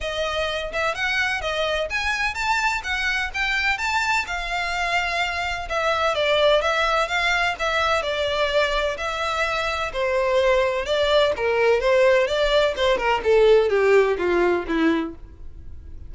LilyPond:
\new Staff \with { instrumentName = "violin" } { \time 4/4 \tempo 4 = 127 dis''4. e''8 fis''4 dis''4 | gis''4 a''4 fis''4 g''4 | a''4 f''2. | e''4 d''4 e''4 f''4 |
e''4 d''2 e''4~ | e''4 c''2 d''4 | ais'4 c''4 d''4 c''8 ais'8 | a'4 g'4 f'4 e'4 | }